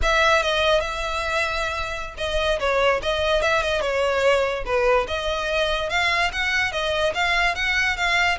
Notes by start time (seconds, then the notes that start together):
0.02 E5
0.42 D#5
0.80 E5
2.17 D#5
2.59 C#5
3.02 D#5
3.42 E5
3.62 D#5
3.81 C#5
4.65 B4
5.07 D#5
5.89 F5
6.32 F#5
6.71 D#5
7.14 F5
7.55 F#5
7.96 F5